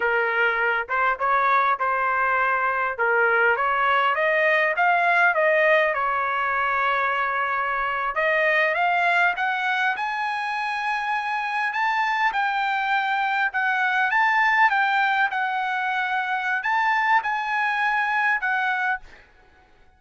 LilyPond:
\new Staff \with { instrumentName = "trumpet" } { \time 4/4 \tempo 4 = 101 ais'4. c''8 cis''4 c''4~ | c''4 ais'4 cis''4 dis''4 | f''4 dis''4 cis''2~ | cis''4.~ cis''16 dis''4 f''4 fis''16~ |
fis''8. gis''2. a''16~ | a''8. g''2 fis''4 a''16~ | a''8. g''4 fis''2~ fis''16 | a''4 gis''2 fis''4 | }